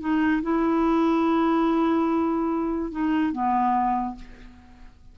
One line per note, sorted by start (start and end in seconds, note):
0.00 0.42 D#4
0.42 2.91 E4
2.91 3.32 D#4
3.32 4.15 B3